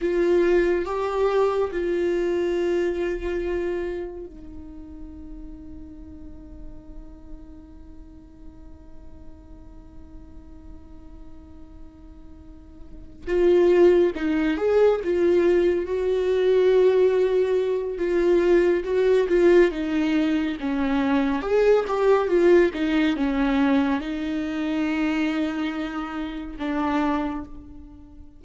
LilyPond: \new Staff \with { instrumentName = "viola" } { \time 4/4 \tempo 4 = 70 f'4 g'4 f'2~ | f'4 dis'2.~ | dis'1~ | dis'2.~ dis'8 f'8~ |
f'8 dis'8 gis'8 f'4 fis'4.~ | fis'4 f'4 fis'8 f'8 dis'4 | cis'4 gis'8 g'8 f'8 dis'8 cis'4 | dis'2. d'4 | }